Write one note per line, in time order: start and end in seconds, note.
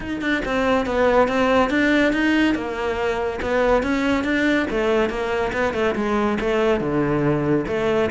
0.00 0.21 D#4
0.21 0.42 D4
0.45 0.85 C4
0.85 1.28 B3
1.28 1.70 C4
1.70 2.12 D4
2.12 2.54 D#4
2.54 3.39 A#3
3.41 3.82 B3
3.82 4.23 C#4
4.23 4.66 D4
4.70 5.09 A3
5.09 5.52 A#3
5.52 5.73 B3
5.73 5.94 A3
5.95 6.37 G#3
6.40 6.80 A3
6.80 7.65 D3
7.67 8.10 A3